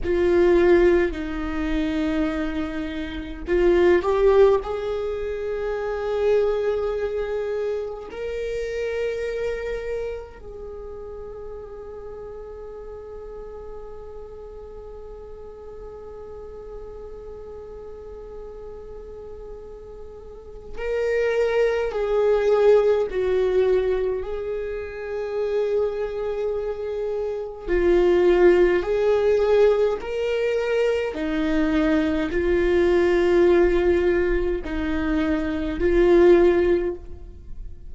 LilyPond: \new Staff \with { instrumentName = "viola" } { \time 4/4 \tempo 4 = 52 f'4 dis'2 f'8 g'8 | gis'2. ais'4~ | ais'4 gis'2.~ | gis'1~ |
gis'2 ais'4 gis'4 | fis'4 gis'2. | f'4 gis'4 ais'4 dis'4 | f'2 dis'4 f'4 | }